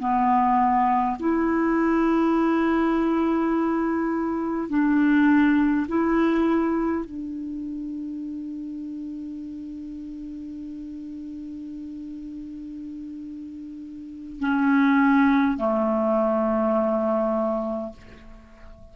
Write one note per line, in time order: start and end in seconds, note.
0.00 1.18 B3
1.20 4.70 E4
4.70 5.87 D4
5.88 7.05 E4
7.05 14.40 D4
14.40 15.58 C#4
15.58 17.93 A3